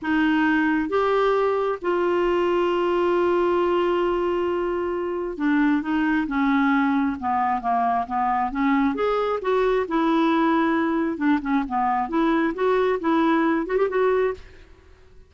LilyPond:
\new Staff \with { instrumentName = "clarinet" } { \time 4/4 \tempo 4 = 134 dis'2 g'2 | f'1~ | f'1 | d'4 dis'4 cis'2 |
b4 ais4 b4 cis'4 | gis'4 fis'4 e'2~ | e'4 d'8 cis'8 b4 e'4 | fis'4 e'4. fis'16 g'16 fis'4 | }